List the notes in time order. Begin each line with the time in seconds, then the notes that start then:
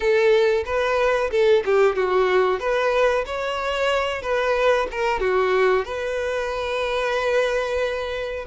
0.00 A4
0.65 B4
1.30 A4
1.65 G4
1.95 F#4
2.59 B4
3.26 C#5
4.22 B4
4.91 A#4
5.20 F#4
5.84 B4